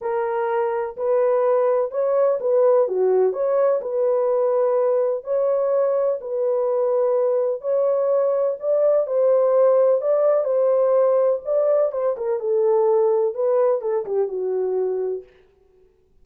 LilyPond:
\new Staff \with { instrumentName = "horn" } { \time 4/4 \tempo 4 = 126 ais'2 b'2 | cis''4 b'4 fis'4 cis''4 | b'2. cis''4~ | cis''4 b'2. |
cis''2 d''4 c''4~ | c''4 d''4 c''2 | d''4 c''8 ais'8 a'2 | b'4 a'8 g'8 fis'2 | }